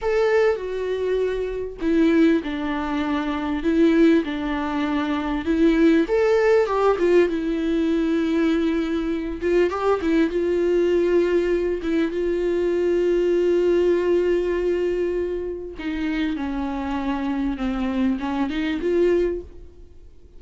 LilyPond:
\new Staff \with { instrumentName = "viola" } { \time 4/4 \tempo 4 = 99 a'4 fis'2 e'4 | d'2 e'4 d'4~ | d'4 e'4 a'4 g'8 f'8 | e'2.~ e'8 f'8 |
g'8 e'8 f'2~ f'8 e'8 | f'1~ | f'2 dis'4 cis'4~ | cis'4 c'4 cis'8 dis'8 f'4 | }